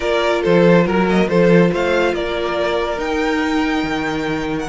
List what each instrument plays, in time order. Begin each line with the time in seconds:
0.00 cello A#3, viola F4, violin A#4 D5
0.41 cello F3, violin A4 C5
0.85 cello F#3, violin A#4
1.07 viola A#3, violin D#5
1.27 cello F3, viola F4, violin A4 C5
1.71 cello A3, violin C5 F5
2.13 cello A#3, violin A#4 D5
2.97 viola D#4, cello D#4, violin G5
3.83 cello D#3
4.58 violin F#5